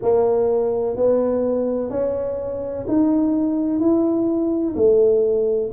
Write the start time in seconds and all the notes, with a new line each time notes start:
0.02 A#3
0.96 B3
1.90 C#4
2.87 D#4
3.79 E4
4.75 A3